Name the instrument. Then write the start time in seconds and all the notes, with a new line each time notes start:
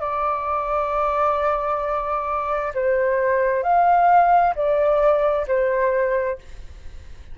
flute
0.00 D5
2.74 C5
3.63 F5
4.55 D5
5.48 C5